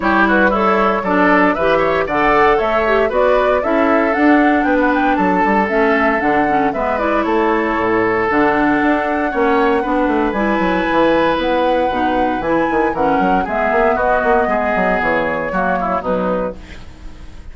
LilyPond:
<<
  \new Staff \with { instrumentName = "flute" } { \time 4/4 \tempo 4 = 116 cis''8 b'8 cis''4 d''4 e''4 | fis''4 e''4 d''4 e''4 | fis''4 g''16 fis''16 g''8 a''4 e''4 | fis''4 e''8 d''8 cis''2 |
fis''1 | gis''2 fis''2 | gis''4 fis''4 e''4 dis''4~ | dis''4 cis''2 b'4 | }
  \new Staff \with { instrumentName = "oboe" } { \time 4/4 g'8 fis'8 e'4 a'4 b'8 cis''8 | d''4 cis''4 b'4 a'4~ | a'4 b'4 a'2~ | a'4 b'4 a'2~ |
a'2 cis''4 b'4~ | b'1~ | b'4 ais'4 gis'4 fis'4 | gis'2 fis'8 e'8 dis'4 | }
  \new Staff \with { instrumentName = "clarinet" } { \time 4/4 e'4 a'4 d'4 g'4 | a'4. g'8 fis'4 e'4 | d'2. cis'4 | d'8 cis'8 b8 e'2~ e'8 |
d'2 cis'4 d'4 | e'2. dis'4 | e'4 cis'4 b2~ | b2 ais4 fis4 | }
  \new Staff \with { instrumentName = "bassoon" } { \time 4/4 g2 fis4 e4 | d4 a4 b4 cis'4 | d'4 b4 fis8 g8 a4 | d4 gis4 a4 a,4 |
d4 d'4 ais4 b8 a8 | g8 fis8 e4 b4 b,4 | e8 dis8 e8 fis8 gis8 ais8 b8 ais8 | gis8 fis8 e4 fis4 b,4 | }
>>